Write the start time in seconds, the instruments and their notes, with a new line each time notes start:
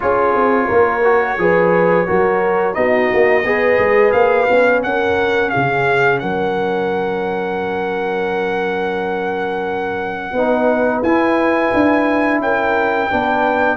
0.00 tuba C#4, trombone F4, horn G#4, trumpet C#5
0.35 tuba C4
0.67 tuba A#3, horn A#4
1.04 trombone F#4
1.37 tuba F3, trombone G#4, horn B4
2.06 tuba F#3, trombone F#4, horn A#4
2.73 tuba B3, trombone D#4, horn F#4, trumpet D#5
3.13 tuba A#3
3.44 tuba B3, trombone G#4, horn B4
3.78 tuba G#3
4.12 tuba A#3, trumpet F5
4.47 tuba B3, trombone C#4
4.82 tuba C#4, horn A#4, trumpet F#5
5.49 horn G#4, trumpet F5
5.56 tuba C#3
6.19 tuba F#3, horn A#4, trumpet F#5
10.32 tuba B3, trombone D#4, horn B4
11.02 tuba E4, trombone E4, trumpet G#5
11.74 tuba D4
12.39 tuba C#4, horn A#4, trumpet G5
13.09 tuba B3, trombone D4, horn B4